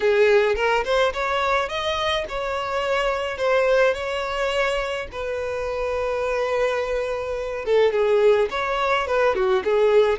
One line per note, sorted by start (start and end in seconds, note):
0.00 0.55 G#4
0.55 0.83 A#4
0.84 1.12 C5
1.13 1.68 C#5
1.68 2.25 D#5
2.28 3.37 C#5
3.37 3.94 C5
3.94 5.07 C#5
5.11 7.65 B4
7.65 7.92 A4
7.92 8.49 G#4
8.50 9.07 C#5
9.07 9.35 B4
9.35 9.63 F#4
9.64 10.18 G#4